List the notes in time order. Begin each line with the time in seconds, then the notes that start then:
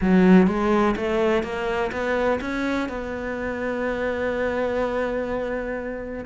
0.01 F#3
0.47 G#3
0.96 A3
1.43 A#3
1.91 B3
2.40 C#4
2.88 B3